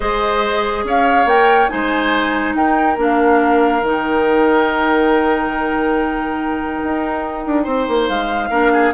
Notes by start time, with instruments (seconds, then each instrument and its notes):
0.00 bassoon G#3, clarinet G#4, oboe C5, flute D#5
0.84 bassoon C#4, oboe C#5, flute F5
1.25 bassoon A#3, clarinet A#4, flute G5
1.69 bassoon G#3, clarinet D#4, oboe C5, flute G#5
2.54 bassoon D#4, oboe A#4, flute G5
2.97 bassoon A#3, clarinet D4, flute F5
3.81 bassoon D#3, clarinet D#4, flute G5
6.83 bassoon D#4
7.46 bassoon D4
7.63 bassoon C4, oboe C5
7.88 bassoon A#3
8.08 bassoon G#3, flute F5
8.49 bassoon A#3, clarinet D4, oboe A#4
8.73 oboe G#4